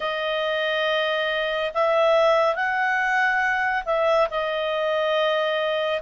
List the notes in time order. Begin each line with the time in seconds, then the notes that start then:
0.00 D#5
1.74 E5
2.55 F#5
3.85 E5
4.30 D#5